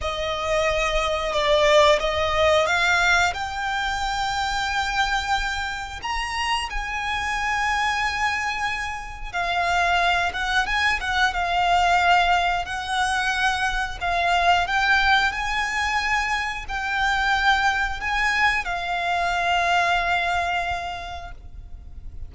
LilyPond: \new Staff \with { instrumentName = "violin" } { \time 4/4 \tempo 4 = 90 dis''2 d''4 dis''4 | f''4 g''2.~ | g''4 ais''4 gis''2~ | gis''2 f''4. fis''8 |
gis''8 fis''8 f''2 fis''4~ | fis''4 f''4 g''4 gis''4~ | gis''4 g''2 gis''4 | f''1 | }